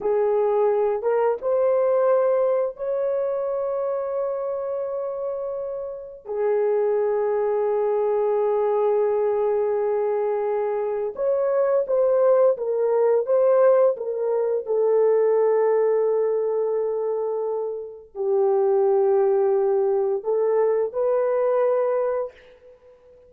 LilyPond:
\new Staff \with { instrumentName = "horn" } { \time 4/4 \tempo 4 = 86 gis'4. ais'8 c''2 | cis''1~ | cis''4 gis'2.~ | gis'1 |
cis''4 c''4 ais'4 c''4 | ais'4 a'2.~ | a'2 g'2~ | g'4 a'4 b'2 | }